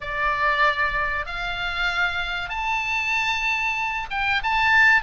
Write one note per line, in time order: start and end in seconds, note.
0.01 1.26 D5
1.26 2.49 F5
2.49 4.07 A5
4.10 4.42 G5
4.43 5.02 A5